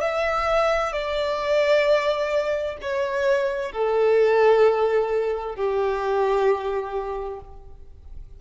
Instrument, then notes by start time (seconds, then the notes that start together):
violin
0.00 E5
0.92 D5
2.82 C#5
3.72 A4
5.56 G4